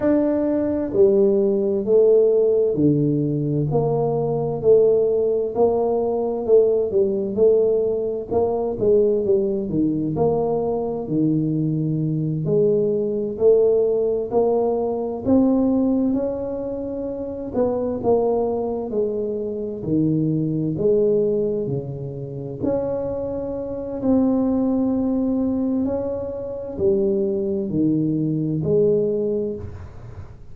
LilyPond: \new Staff \with { instrumentName = "tuba" } { \time 4/4 \tempo 4 = 65 d'4 g4 a4 d4 | ais4 a4 ais4 a8 g8 | a4 ais8 gis8 g8 dis8 ais4 | dis4. gis4 a4 ais8~ |
ais8 c'4 cis'4. b8 ais8~ | ais8 gis4 dis4 gis4 cis8~ | cis8 cis'4. c'2 | cis'4 g4 dis4 gis4 | }